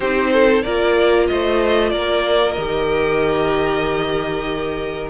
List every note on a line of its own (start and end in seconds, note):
0.00 0.63 C4
0.00 0.66 D#4
0.00 0.30 G4
0.00 0.62 C5
0.32 0.64 A4
0.62 1.30 A#3
0.62 2.57 F4
0.62 1.28 A#4
0.62 1.26 D5
1.27 1.92 A3
1.27 1.91 C5
1.27 1.90 D#5
1.90 2.56 A#3
1.90 5.10 A#4
1.90 2.52 D5
2.52 5.10 D#3
2.52 5.10 G4
2.52 5.07 D#5